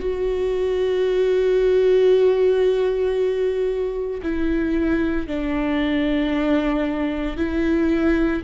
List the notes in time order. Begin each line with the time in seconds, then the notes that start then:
0.00 F#4
4.22 E4
5.27 D4
7.36 E4